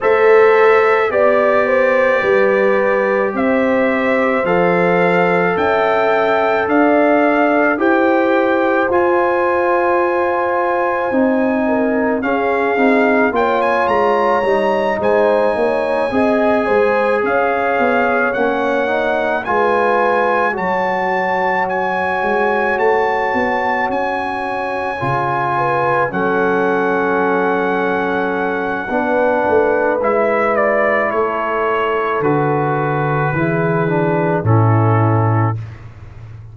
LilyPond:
<<
  \new Staff \with { instrumentName = "trumpet" } { \time 4/4 \tempo 4 = 54 e''4 d''2 e''4 | f''4 g''4 f''4 g''4 | gis''2. f''4 | g''16 gis''16 ais''4 gis''2 f''8~ |
f''8 fis''4 gis''4 a''4 gis''8~ | gis''8 a''4 gis''2 fis''8~ | fis''2. e''8 d''8 | cis''4 b'2 a'4 | }
  \new Staff \with { instrumentName = "horn" } { \time 4/4 c''4 d''8 c''8 b'4 c''4~ | c''4 e''4 d''4 c''4~ | c''2~ c''8 ais'8 gis'4 | cis''4. c''8 cis''8 dis''8 c''8 cis''8~ |
cis''4. b'4 cis''4.~ | cis''2. b'8 a'8~ | a'2 b'2 | a'2 gis'4 e'4 | }
  \new Staff \with { instrumentName = "trombone" } { \time 4/4 a'4 g'2. | a'2. g'4 | f'2 dis'4 cis'8 dis'8 | f'4 dis'4. gis'4.~ |
gis'8 cis'8 dis'8 f'4 fis'4.~ | fis'2~ fis'8 f'4 cis'8~ | cis'2 d'4 e'4~ | e'4 fis'4 e'8 d'8 cis'4 | }
  \new Staff \with { instrumentName = "tuba" } { \time 4/4 a4 b4 g4 c'4 | f4 cis'4 d'4 e'4 | f'2 c'4 cis'8 c'8 | ais8 gis8 g8 gis8 ais8 c'8 gis8 cis'8 |
b8 ais4 gis4 fis4. | gis8 a8 b8 cis'4 cis4 fis8~ | fis2 b8 a8 gis4 | a4 d4 e4 a,4 | }
>>